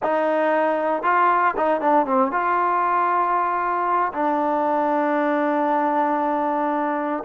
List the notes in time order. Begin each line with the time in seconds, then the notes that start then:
0.02 D#4
1.02 F4
1.56 D#4
1.80 D4
2.05 C4
2.31 F4
4.13 D4